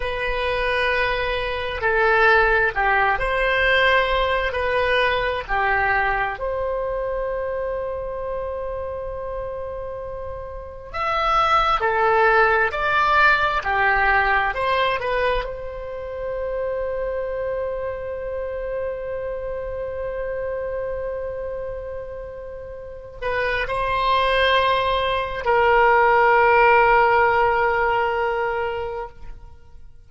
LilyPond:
\new Staff \with { instrumentName = "oboe" } { \time 4/4 \tempo 4 = 66 b'2 a'4 g'8 c''8~ | c''4 b'4 g'4 c''4~ | c''1 | e''4 a'4 d''4 g'4 |
c''8 b'8 c''2.~ | c''1~ | c''4. b'8 c''2 | ais'1 | }